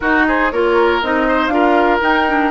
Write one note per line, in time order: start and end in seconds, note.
0.00 0.51 D#4
0.00 0.52 D#4
0.00 0.26 F#4
0.00 0.22 A#4
0.27 0.52 G#4
0.27 0.51 C5
0.51 1.02 A#3
0.51 1.02 F4
0.51 1.28 A#4
0.51 1.02 C#5
1.02 1.48 C4
1.02 1.50 D#4
1.02 1.47 D#5
1.28 1.53 C5
1.47 1.98 D4
1.47 2.00 F4
1.47 2.51 A#4
1.47 1.98 F5
2.00 2.25 D#4
2.00 2.51 D#4
2.00 2.51 G5
2.27 2.51 D4